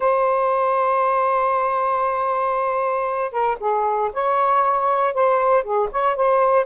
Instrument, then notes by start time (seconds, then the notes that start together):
saxophone
0.00 C5
3.31 A#4
3.59 G#4
4.13 C#5
5.14 C5
5.63 G#4
5.91 C#5
6.16 C5